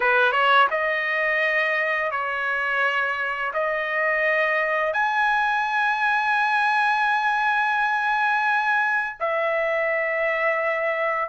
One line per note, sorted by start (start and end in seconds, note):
0.00 0.32 B4
0.32 0.67 C#5
0.70 2.11 D#5
2.11 3.52 C#5
3.53 4.93 D#5
4.93 9.16 G#5
9.20 11.29 E5